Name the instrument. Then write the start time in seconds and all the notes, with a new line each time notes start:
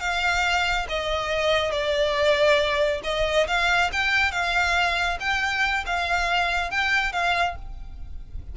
violin
0.00 F5
0.89 D#5
1.72 D5
3.04 D#5
3.47 F5
3.92 G5
4.32 F5
5.20 G5
5.86 F5
6.70 G5
7.12 F5